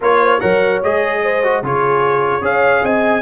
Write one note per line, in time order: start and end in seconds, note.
0.00 0.41 A#3
0.00 0.40 F4
0.00 0.17 A#4
0.00 0.40 C#5
0.20 0.40 C5
0.40 0.83 F#3
0.40 0.80 A#4
0.40 1.21 C#5
0.40 0.81 F#5
0.83 1.62 G#3
0.83 1.43 G#4
0.83 1.64 D#5
1.22 1.63 C5
1.43 1.63 F#4
1.62 2.41 C#3
1.62 2.41 F4
1.62 2.42 G#4
1.62 2.44 C#5
2.41 2.81 C#4
2.41 3.22 G#4
2.41 2.83 C#5
2.41 2.85 F5
2.83 3.22 C4
2.83 3.22 D#5
2.83 3.22 G#5